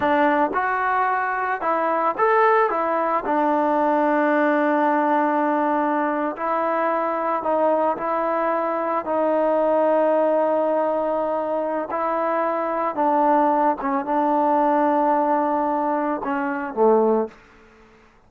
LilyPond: \new Staff \with { instrumentName = "trombone" } { \time 4/4 \tempo 4 = 111 d'4 fis'2 e'4 | a'4 e'4 d'2~ | d'2.~ d'8. e'16~ | e'4.~ e'16 dis'4 e'4~ e'16~ |
e'8. dis'2.~ dis'16~ | dis'2 e'2 | d'4. cis'8 d'2~ | d'2 cis'4 a4 | }